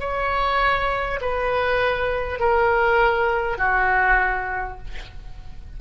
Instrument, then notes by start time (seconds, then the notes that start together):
oboe
0.00 C#5
1.21 B4
2.39 A#4
3.58 F#4